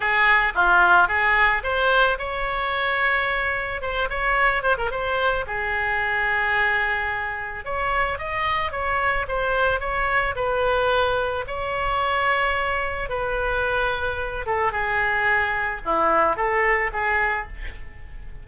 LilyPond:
\new Staff \with { instrumentName = "oboe" } { \time 4/4 \tempo 4 = 110 gis'4 f'4 gis'4 c''4 | cis''2. c''8 cis''8~ | cis''8 c''16 ais'16 c''4 gis'2~ | gis'2 cis''4 dis''4 |
cis''4 c''4 cis''4 b'4~ | b'4 cis''2. | b'2~ b'8 a'8 gis'4~ | gis'4 e'4 a'4 gis'4 | }